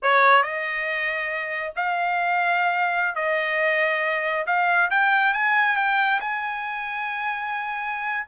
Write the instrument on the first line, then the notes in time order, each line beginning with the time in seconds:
trumpet
0.02 C#5
0.42 D#5
1.76 F5
3.15 D#5
4.46 F5
4.90 G5
5.33 G#5
5.76 G5
6.20 G#5